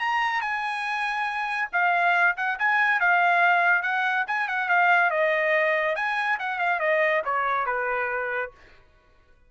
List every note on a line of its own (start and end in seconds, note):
0.00 0.41 A#5
0.41 1.69 G#5
1.73 2.36 F5
2.37 2.59 F#5
2.59 3.00 G#5
3.00 3.83 F5
3.83 4.25 F#5
4.27 4.48 G#5
4.48 4.69 F#5
4.69 5.11 F5
5.11 5.96 D#5
5.96 6.38 G#5
6.40 6.59 F#5
6.59 6.80 F5
6.80 7.23 D#5
7.25 7.66 C#5
7.66 8.51 B4